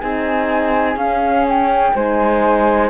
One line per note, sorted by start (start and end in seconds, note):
0.00 0.95 C4
0.00 0.97 D#4
0.00 1.94 G#4
0.00 0.97 G#5
0.95 1.92 C#4
0.95 1.95 C#4
0.95 1.46 F5
1.48 1.96 G5
1.94 2.90 G#3
1.94 2.90 D#4
1.94 2.90 C5
1.94 2.90 G#5